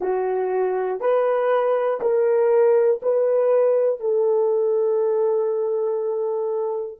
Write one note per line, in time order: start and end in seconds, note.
0.00 1.00 F#4
1.00 2.00 B4
2.00 3.00 A#4
3.02 4.00 B4
4.00 7.00 A4